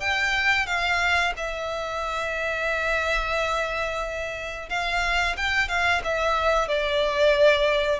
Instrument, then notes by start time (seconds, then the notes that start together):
violin
0.00 G5
0.66 F5
1.37 E5
4.69 F5
5.37 G5
5.68 F5
6.04 E5
6.68 D5